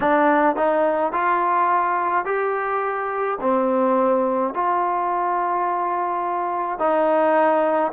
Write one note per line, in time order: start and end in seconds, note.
0.00 0.56 D4
0.56 1.12 D#4
1.12 2.25 F4
2.25 3.38 G4
3.40 4.53 C4
4.53 6.78 F4
6.78 7.91 D#4